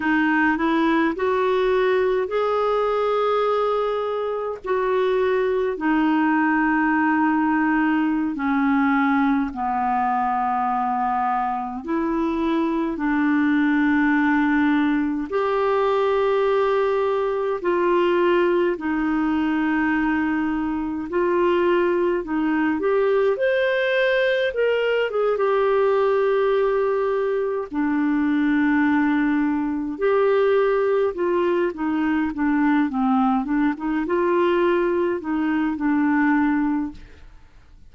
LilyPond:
\new Staff \with { instrumentName = "clarinet" } { \time 4/4 \tempo 4 = 52 dis'8 e'8 fis'4 gis'2 | fis'4 dis'2~ dis'16 cis'8.~ | cis'16 b2 e'4 d'8.~ | d'4~ d'16 g'2 f'8.~ |
f'16 dis'2 f'4 dis'8 g'16~ | g'16 c''4 ais'8 gis'16 g'2 | d'2 g'4 f'8 dis'8 | d'8 c'8 d'16 dis'16 f'4 dis'8 d'4 | }